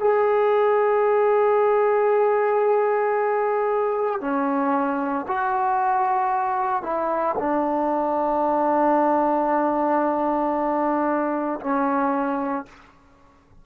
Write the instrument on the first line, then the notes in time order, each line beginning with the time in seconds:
trombone
0.00 G#4
4.21 C#4
5.28 F#4
6.83 E4
7.39 D4
11.61 C#4